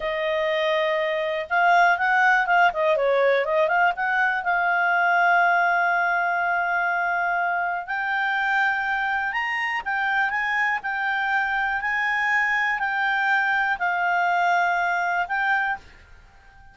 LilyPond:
\new Staff \with { instrumentName = "clarinet" } { \time 4/4 \tempo 4 = 122 dis''2. f''4 | fis''4 f''8 dis''8 cis''4 dis''8 f''8 | fis''4 f''2.~ | f''1 |
g''2. ais''4 | g''4 gis''4 g''2 | gis''2 g''2 | f''2. g''4 | }